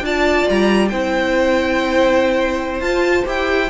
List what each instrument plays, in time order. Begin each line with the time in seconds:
0.00 cello D4, viola F4, violin D5 A5
0.49 cello G3, violin A#5
0.88 cello C4, viola E4, violin C5 G5
2.80 cello F4, viola F4, violin A5
3.25 cello E4, viola G4, violin G5